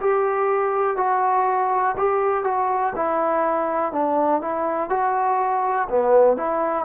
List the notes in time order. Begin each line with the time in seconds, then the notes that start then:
0.00 G4
0.97 F#4
1.97 G4
2.44 F#4
2.96 E4
3.92 D4
4.41 E4
4.90 F#4
5.89 B3
6.36 E4